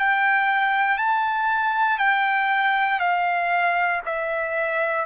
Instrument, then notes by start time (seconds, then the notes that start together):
trumpet
0.00 G5
0.98 A5
1.99 G5
3.00 F5
4.06 E5